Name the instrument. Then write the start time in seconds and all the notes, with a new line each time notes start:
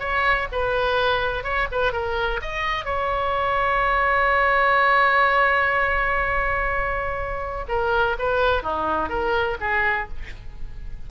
oboe
0.00 C#5
0.52 B4
1.44 C#5
1.72 B4
1.93 A#4
2.42 D#5
2.85 C#5
7.69 A#4
8.19 B4
8.64 D#4
9.10 A#4
9.61 G#4